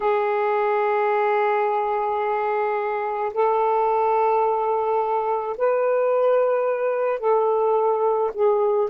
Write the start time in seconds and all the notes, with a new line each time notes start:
0.00 G#4
3.33 A4
5.57 B4
7.19 A4
8.34 G#4